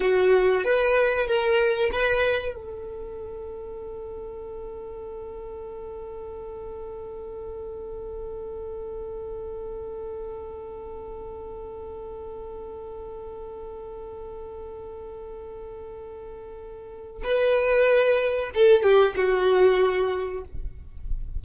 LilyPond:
\new Staff \with { instrumentName = "violin" } { \time 4/4 \tempo 4 = 94 fis'4 b'4 ais'4 b'4 | a'1~ | a'1~ | a'1~ |
a'1~ | a'1~ | a'2. b'4~ | b'4 a'8 g'8 fis'2 | }